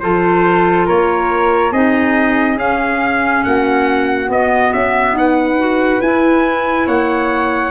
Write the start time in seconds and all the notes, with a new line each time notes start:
0.00 F3 F4 A4 C5
0.86 A#3 A#4 C#5
1.72 C4 D#4 G#4 D#5
2.57 C#4 F5
3.44 A#3 F#4 F#5
4.26 B3 D#5
4.73 C#4 E5
5.12 D#4 B4 F#5
5.59 F#4
6.01 E4 G#5
6.87 A#3 C#5 F#5